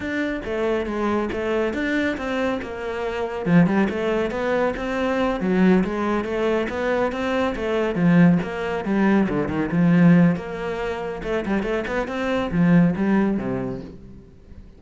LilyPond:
\new Staff \with { instrumentName = "cello" } { \time 4/4 \tempo 4 = 139 d'4 a4 gis4 a4 | d'4 c'4 ais2 | f8 g8 a4 b4 c'4~ | c'8 fis4 gis4 a4 b8~ |
b8 c'4 a4 f4 ais8~ | ais8 g4 d8 dis8 f4. | ais2 a8 g8 a8 b8 | c'4 f4 g4 c4 | }